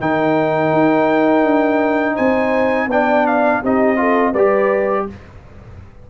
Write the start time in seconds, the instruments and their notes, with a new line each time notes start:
0.00 tuba D#3, trombone D#4, horn A#4, trumpet G5
0.72 tuba D#4
1.44 tuba D4
2.14 tuba C4, horn C5, trumpet G#5
2.87 tuba B3, trombone D4, horn D5, trumpet G5
3.26 trumpet F5
3.61 tuba C4, trombone D#4, horn G4, trumpet D#5
3.96 trombone F4, horn A4
4.31 tuba G3, trombone G4, horn B4, trumpet D5